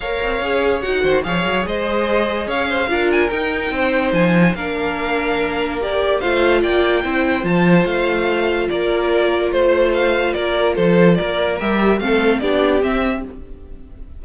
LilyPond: <<
  \new Staff \with { instrumentName = "violin" } { \time 4/4 \tempo 4 = 145 f''2 fis''4 f''4 | dis''2 f''4. gis''8 | g''2 gis''4 f''4~ | f''2 d''4 f''4 |
g''2 a''4 f''4~ | f''4 d''2 c''4 | f''4 d''4 c''4 d''4 | e''4 f''4 d''4 e''4 | }
  \new Staff \with { instrumentName = "violin" } { \time 4/4 cis''2~ cis''8 c''8 cis''4 | c''2 cis''8 c''8 ais'4~ | ais'4 c''2 ais'4~ | ais'2. c''4 |
d''4 c''2.~ | c''4 ais'2 c''4~ | c''4 ais'4 a'4 ais'4~ | ais'4 a'4 g'2 | }
  \new Staff \with { instrumentName = "viola" } { \time 4/4 ais'4 gis'4 fis'4 gis'4~ | gis'2. f'4 | dis'2. d'4~ | d'2 g'4 f'4~ |
f'4 e'4 f'2~ | f'1~ | f'1 | g'4 c'4 d'4 c'4 | }
  \new Staff \with { instrumentName = "cello" } { \time 4/4 ais8 c'8 cis'4 dis'8 dis8 f8 fis8 | gis2 cis'4 d'4 | dis'4 c'4 f4 ais4~ | ais2. a4 |
ais4 c'4 f4 a4~ | a4 ais2 a4~ | a4 ais4 f4 ais4 | g4 a4 b4 c'4 | }
>>